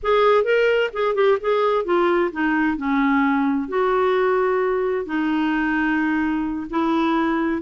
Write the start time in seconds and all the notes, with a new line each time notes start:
0.02 G#4
0.44 A#4
0.93 G#4
1.15 G4
1.41 G#4
1.84 F4
2.32 D#4
2.77 C#4
3.68 F#4
5.05 D#4
6.69 E4